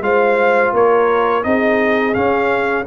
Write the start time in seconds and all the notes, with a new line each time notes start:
0.00 G#3 F4 C5 F5
0.72 A#3 A#4 C#5
1.42 C4 D#4 G#4 D#5
2.14 C#4 F5